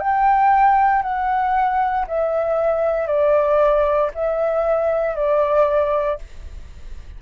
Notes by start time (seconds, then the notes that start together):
0.00 G5
1.03 F#5
2.08 E5
3.08 D5
4.15 E5
5.16 D5